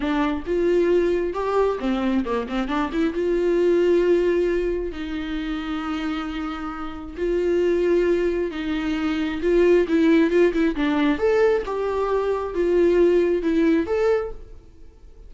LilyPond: \new Staff \with { instrumentName = "viola" } { \time 4/4 \tempo 4 = 134 d'4 f'2 g'4 | c'4 ais8 c'8 d'8 e'8 f'4~ | f'2. dis'4~ | dis'1 |
f'2. dis'4~ | dis'4 f'4 e'4 f'8 e'8 | d'4 a'4 g'2 | f'2 e'4 a'4 | }